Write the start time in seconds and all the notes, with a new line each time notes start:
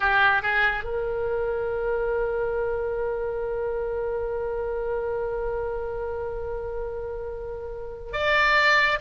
0.00 G4
0.42 G#4
0.84 A#4
8.12 D5